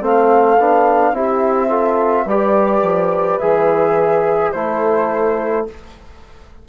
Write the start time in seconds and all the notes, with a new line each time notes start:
0.00 A3 C4 A4 F5
0.58 B3 D4
1.12 C4 E4 G4 E5
1.68 F4 A4
2.25 G3 G4 B4 D5
2.82 F3
3.38 E3 G#4 E5
4.51 A3 E4 A4 C5